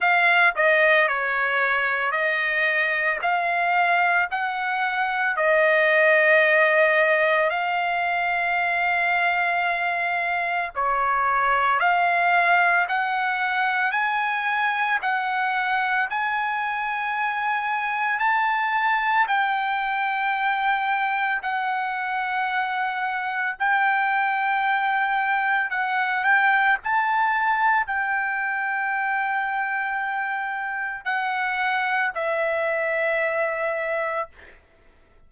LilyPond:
\new Staff \with { instrumentName = "trumpet" } { \time 4/4 \tempo 4 = 56 f''8 dis''8 cis''4 dis''4 f''4 | fis''4 dis''2 f''4~ | f''2 cis''4 f''4 | fis''4 gis''4 fis''4 gis''4~ |
gis''4 a''4 g''2 | fis''2 g''2 | fis''8 g''8 a''4 g''2~ | g''4 fis''4 e''2 | }